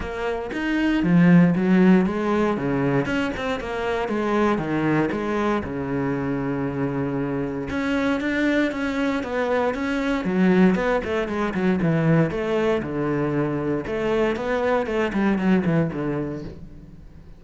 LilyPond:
\new Staff \with { instrumentName = "cello" } { \time 4/4 \tempo 4 = 117 ais4 dis'4 f4 fis4 | gis4 cis4 cis'8 c'8 ais4 | gis4 dis4 gis4 cis4~ | cis2. cis'4 |
d'4 cis'4 b4 cis'4 | fis4 b8 a8 gis8 fis8 e4 | a4 d2 a4 | b4 a8 g8 fis8 e8 d4 | }